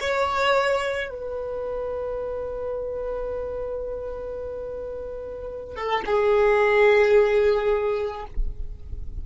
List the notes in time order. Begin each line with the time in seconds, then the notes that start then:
0.00 C#5
1.09 B4
5.75 A4
6.05 G#4